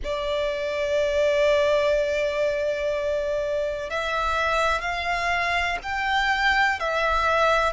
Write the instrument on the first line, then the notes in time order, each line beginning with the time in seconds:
violin
0.04 D5
3.89 E5
4.81 F5
5.82 G5
6.79 E5